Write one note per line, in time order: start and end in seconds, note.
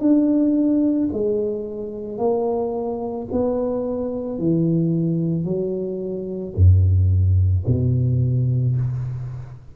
0.00 1.09 D4
1.13 2.18 G#3
2.18 3.27 A#3
3.32 4.39 B3
4.39 5.45 E3
5.45 6.54 F#3
6.56 7.65 F#2
7.67 8.76 B2